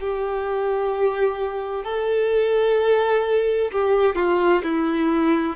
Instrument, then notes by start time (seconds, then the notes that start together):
violin
0.00 G4
1.84 A4
3.72 G4
4.15 F4
4.63 E4